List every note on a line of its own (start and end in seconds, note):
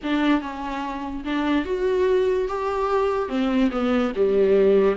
0.03 0.41 D4
0.41 1.24 C#4
1.24 1.65 D4
1.65 2.48 F#4
2.48 3.28 G4
3.28 3.70 C4
3.71 4.12 B3
4.15 4.96 G3